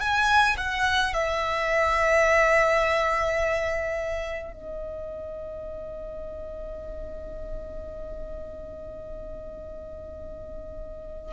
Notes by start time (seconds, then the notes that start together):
0.00 G#5
0.57 F#5
1.14 E5
4.53 D#5